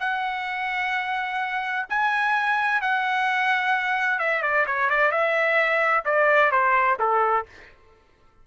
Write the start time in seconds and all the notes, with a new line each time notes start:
0.00 F#5
1.89 G#5
2.82 F#5
4.19 E5
4.42 D5
4.67 C#5
4.90 D5
5.11 E5
6.05 D5
6.51 C5
6.99 A4